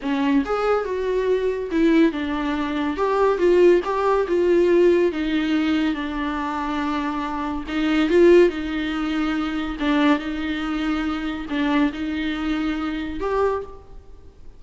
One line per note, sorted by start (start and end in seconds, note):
0.02 0.44 C#4
0.45 0.85 G#4
0.85 1.70 F#4
1.71 2.12 E4
2.12 2.96 D4
2.96 3.38 G4
3.38 3.80 F4
3.84 4.26 G4
4.27 5.12 F4
5.12 5.94 D#4
5.94 7.64 D4
7.68 8.09 D#4
8.09 8.49 F4
8.49 9.77 D#4
9.79 10.19 D4
10.19 11.46 D#4
11.49 11.92 D4
11.92 13.20 D#4
13.20 13.62 G4